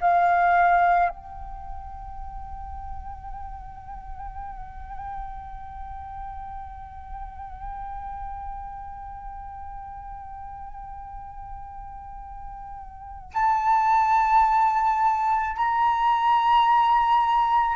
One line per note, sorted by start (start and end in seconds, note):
0.00 1.09 F5
1.09 13.31 G5
13.34 15.56 A5
15.56 17.76 A#5